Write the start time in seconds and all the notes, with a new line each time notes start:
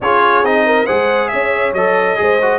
0.00 C#4 F4 G#4 C#5
0.42 C4 D#4 D#5
0.66 A#4
0.85 G#3 G#4 C5 F#5
1.28 C#4 C#5 E5
1.72 F#3 A4 D#5
2.16 G#3 G#4 C5
2.41 F#4